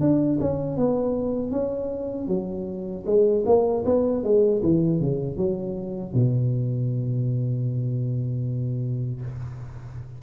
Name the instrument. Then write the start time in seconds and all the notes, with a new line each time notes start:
tuba
0.00 D4
0.40 C#4
0.77 B3
1.51 C#4
2.28 F#3
3.06 G#3
3.46 A#3
3.85 B3
4.23 G#3
4.62 E3
5.00 C#3
5.36 F#3
6.14 B2